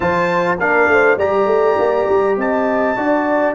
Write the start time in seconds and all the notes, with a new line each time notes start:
0.00 F3 F4 C5 A5
0.59 A#3 D4 A#4 F5
0.87 A3 C5
1.17 G3 G4 D5 A#5
1.46 A3
1.78 A#3
2.09 G3
2.37 C4 D#5 A5
2.96 D4 F#4 D5